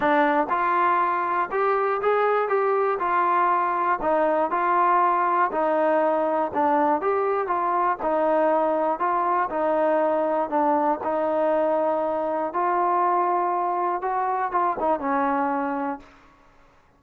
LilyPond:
\new Staff \with { instrumentName = "trombone" } { \time 4/4 \tempo 4 = 120 d'4 f'2 g'4 | gis'4 g'4 f'2 | dis'4 f'2 dis'4~ | dis'4 d'4 g'4 f'4 |
dis'2 f'4 dis'4~ | dis'4 d'4 dis'2~ | dis'4 f'2. | fis'4 f'8 dis'8 cis'2 | }